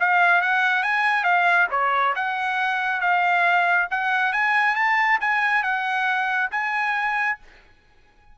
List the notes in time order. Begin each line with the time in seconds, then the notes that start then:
0.00 F5
0.41 F#5
0.83 G#5
1.24 F5
1.71 C#5
2.15 F#5
3.01 F5
3.91 F#5
4.33 G#5
4.76 A5
5.21 G#5
5.63 F#5
6.51 G#5